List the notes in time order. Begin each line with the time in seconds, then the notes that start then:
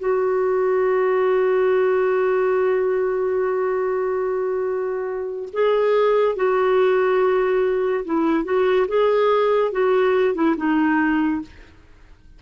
0.00 F#4
5.53 G#4
6.36 F#4
8.06 E4
8.45 F#4
8.88 G#4
9.72 F#4
10.35 E4
10.57 D#4